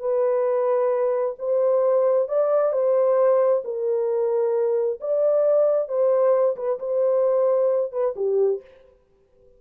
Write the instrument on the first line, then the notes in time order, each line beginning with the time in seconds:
horn
0.00 B4
1.39 C5
2.29 D5
2.73 C5
3.65 A#4
5.01 D5
5.89 C5
6.57 B4
6.80 C5
7.92 B4
8.17 G4